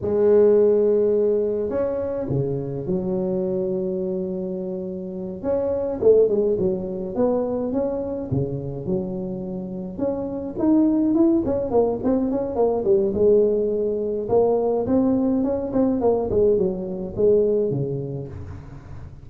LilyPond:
\new Staff \with { instrumentName = "tuba" } { \time 4/4 \tempo 4 = 105 gis2. cis'4 | cis4 fis2.~ | fis4. cis'4 a8 gis8 fis8~ | fis8 b4 cis'4 cis4 fis8~ |
fis4. cis'4 dis'4 e'8 | cis'8 ais8 c'8 cis'8 ais8 g8 gis4~ | gis4 ais4 c'4 cis'8 c'8 | ais8 gis8 fis4 gis4 cis4 | }